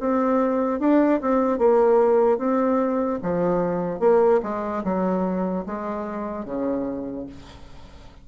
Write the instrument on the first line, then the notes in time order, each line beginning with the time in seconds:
bassoon
0.00 C4
0.80 D4
1.21 C4
1.58 A#3
2.38 C4
3.22 F3
4.00 A#3
4.43 G#3
4.84 F#3
5.66 G#3
6.45 C#3